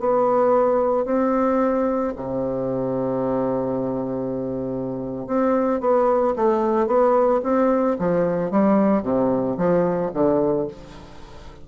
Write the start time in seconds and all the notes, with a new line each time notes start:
0.00 B3
1.06 C4
2.17 C3
5.27 C4
5.81 B3
6.36 A3
6.87 B3
7.44 C4
7.99 F3
8.51 G3
9.03 C3
9.58 F3
10.14 D3